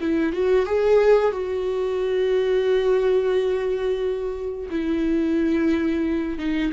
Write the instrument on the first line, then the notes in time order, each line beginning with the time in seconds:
viola
0.00 E4
0.32 F#4
0.66 G#4
1.32 F#4
4.70 E4
6.38 D#4